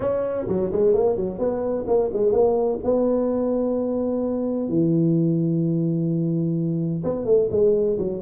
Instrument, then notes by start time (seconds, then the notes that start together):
tuba
0.00 C#4
0.48 F#3
0.72 G#3
0.93 A#3
1.16 F#3
1.38 B3
1.87 A#3
2.13 G#3
2.32 A#3
2.84 B3
4.68 E3
7.04 B3
7.25 A3
7.50 G#3
7.98 F#3